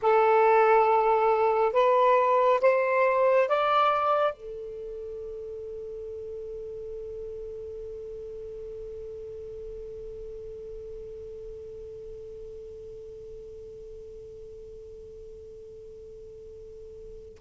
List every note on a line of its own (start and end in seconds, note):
0.02 1.72 A4
1.72 2.59 B4
2.61 3.48 C5
3.48 4.34 D5
4.34 17.38 A4